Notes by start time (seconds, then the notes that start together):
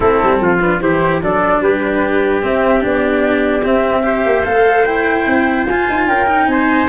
0.00 A3 C4 E4 A4
0.22 G3
0.40 F3 F4
0.59 D4 B4
0.80 E3 E4 G4 C5
1.22 F#3 D4 A4 D5
1.60 G3 G4 B4
2.41 C4 E5
2.80 B3 D4 D5
3.63 C4 E5
4.03 G4 C5
4.25 A#3
4.44 A3 A4 F5
4.85 E4 G5
5.26 C4
5.65 F4 G#5
5.89 D#4
6.06 C#4 A#4 G5
6.26 D#4
6.46 C4 C5 G#5